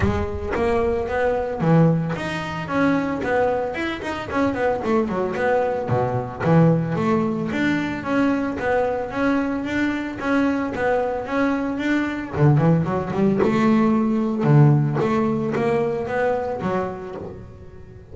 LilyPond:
\new Staff \with { instrumentName = "double bass" } { \time 4/4 \tempo 4 = 112 gis4 ais4 b4 e4 | dis'4 cis'4 b4 e'8 dis'8 | cis'8 b8 a8 fis8 b4 b,4 | e4 a4 d'4 cis'4 |
b4 cis'4 d'4 cis'4 | b4 cis'4 d'4 d8 e8 | fis8 g8 a2 d4 | a4 ais4 b4 fis4 | }